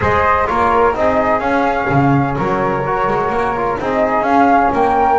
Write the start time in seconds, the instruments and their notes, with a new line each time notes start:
0.00 double bass G#3, trombone G#4, flute C5 D#5
0.46 double bass A#3, trombone F4, flute A#4 C#5
0.94 double bass C4, trombone D#4, flute G#4 D#5
1.39 double bass C#4, trombone C#4, flute F5
1.89 double bass C#3
2.37 double bass F#3, flute A#4 C#5
2.86 trombone F#4
3.07 double bass G#3
3.29 double bass A#3
3.56 trombone F4
3.79 double bass C4, trombone D#4, flute G#4 D#5
4.21 double bass C#4, trombone C#4, flute F5
4.72 double bass A#3, flute A#4 G5